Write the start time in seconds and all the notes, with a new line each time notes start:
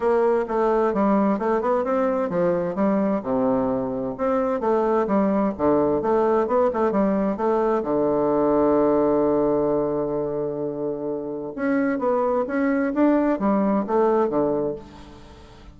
0.00 A#3
0.47 A3
0.93 G3
1.38 A3
1.61 B3
1.84 C4
2.29 F3
2.75 G3
3.22 C3
4.17 C4
4.60 A3
5.07 G3
5.57 D3
6.02 A3
6.47 B3
6.73 A3
6.91 G3
7.36 A3
7.83 D3
11.55 C#4
11.99 B3
12.47 C#4
12.94 D4
13.39 G3
13.86 A3
14.29 D3